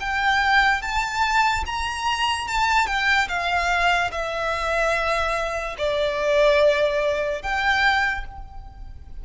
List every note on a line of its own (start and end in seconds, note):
0.00 0.82 G5
0.82 1.64 A5
1.66 2.47 A#5
2.47 2.87 A5
2.87 3.28 G5
3.28 4.11 F5
4.11 5.76 E5
5.78 7.42 D5
7.42 8.24 G5